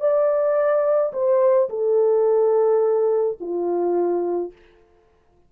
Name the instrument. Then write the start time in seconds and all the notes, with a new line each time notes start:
horn
0.00 D5
1.13 C5
1.69 A4
3.40 F4